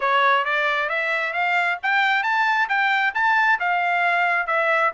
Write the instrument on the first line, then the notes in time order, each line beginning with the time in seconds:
trumpet
0.00 C#5
0.44 D5
0.89 E5
1.33 F5
1.82 G5
2.23 A5
2.68 G5
3.14 A5
3.59 F5
4.47 E5